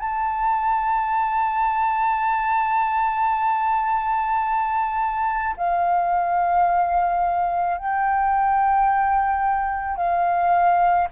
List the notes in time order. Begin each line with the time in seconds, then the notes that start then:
0.00 A5
5.57 F5
7.78 G5
9.97 F5